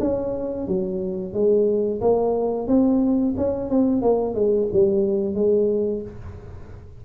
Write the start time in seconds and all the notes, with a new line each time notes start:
0.00 C#4
0.67 F#3
1.33 G#3
2.01 A#3
2.68 C4
3.37 C#4
3.70 C4
4.02 A#3
4.35 G#3
4.73 G3
5.35 G#3